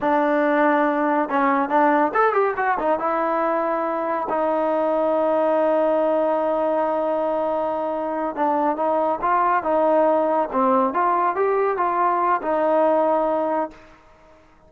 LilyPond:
\new Staff \with { instrumentName = "trombone" } { \time 4/4 \tempo 4 = 140 d'2. cis'4 | d'4 a'8 g'8 fis'8 dis'8 e'4~ | e'2 dis'2~ | dis'1~ |
dis'2.~ dis'8 d'8~ | d'8 dis'4 f'4 dis'4.~ | dis'8 c'4 f'4 g'4 f'8~ | f'4 dis'2. | }